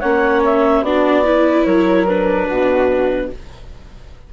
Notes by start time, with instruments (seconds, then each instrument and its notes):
0.00 bassoon A#3, viola C#4, flute C#5, clarinet F#5
0.45 clarinet E5
0.82 bassoon B3, viola D4, flute F#4, clarinet D5
1.24 viola E4, flute B4
1.64 bassoon F#3, flute A#4, clarinet C#5
2.07 viola D4, clarinet B4
2.46 bassoon B2, flute F#4